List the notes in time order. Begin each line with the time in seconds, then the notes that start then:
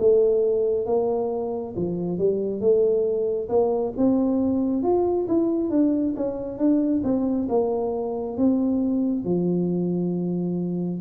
0.00 A3
0.86 A#3
1.76 F3
2.18 G3
2.60 A3
3.49 A#3
3.97 C4
4.83 F4
5.28 E4
5.70 D4
6.16 C#4
6.58 D4
7.03 C4
7.49 A#3
8.37 C4
9.24 F3